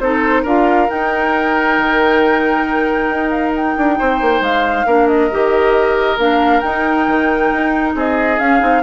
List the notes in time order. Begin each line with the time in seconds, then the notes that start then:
0.00 C4 D#4 A4 C5
0.42 D4 F4 A#4 F5
0.88 D#4 G5
1.78 D#3
3.09 D#4
3.30 F5
3.56 G5
3.77 D4
3.99 C4 C5
4.21 A#3
4.40 G#3 F5
4.86 A#3 D4 A#4
5.07 D#5
5.31 D#3 G4
6.18 A#3 D4 F5
6.60 D#4 G5
7.07 D#3
7.52 D#4
7.95 C4 G#4 D#5
8.39 C#4 F5
8.60 C4 D#4